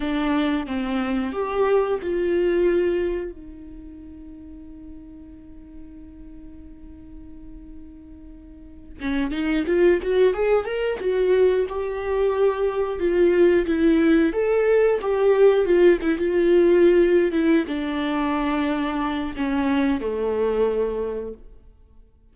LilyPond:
\new Staff \with { instrumentName = "viola" } { \time 4/4 \tempo 4 = 90 d'4 c'4 g'4 f'4~ | f'4 dis'2.~ | dis'1~ | dis'4. cis'8 dis'8 f'8 fis'8 gis'8 |
ais'8 fis'4 g'2 f'8~ | f'8 e'4 a'4 g'4 f'8 | e'16 f'4.~ f'16 e'8 d'4.~ | d'4 cis'4 a2 | }